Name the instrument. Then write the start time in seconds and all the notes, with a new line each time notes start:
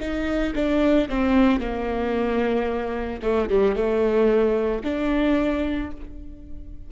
viola
0.00 D#4
0.55 D4
1.09 C4
1.60 A#3
3.22 A3
3.50 G3
3.75 A3
4.84 D4